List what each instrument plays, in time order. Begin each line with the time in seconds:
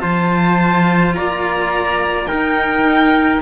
0.00 cello F3 F4, trumpet C5, violin A5
1.14 cello A#3, trumpet D5, violin A#5
2.26 cello D#4, trumpet A#4, violin G5